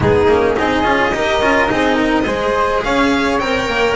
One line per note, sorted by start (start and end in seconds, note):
0.00 0.27 G#3
0.00 0.28 B3
0.00 0.55 D#4
0.00 0.58 G#4
0.27 0.55 A#3
0.27 0.56 C#4
0.56 0.83 C4
0.56 0.83 D#4
0.56 1.14 G#4
0.56 2.83 D#5
0.83 1.11 C#4
0.83 1.11 F4
1.11 1.40 D#4
1.11 1.42 G4
1.11 1.71 A#4
1.40 1.68 C#4
1.40 1.67 F4
1.67 2.25 C4
1.67 2.24 D#4
1.67 1.95 G#4
1.95 2.23 A#4
2.25 2.82 G#3
2.25 3.40 G#4
2.25 2.83 C5
2.83 3.40 C#4
2.83 3.95 C#5
2.83 3.38 F5
3.38 3.67 C4
3.38 3.95 A#4
3.38 3.95 G5
3.67 3.95 A#3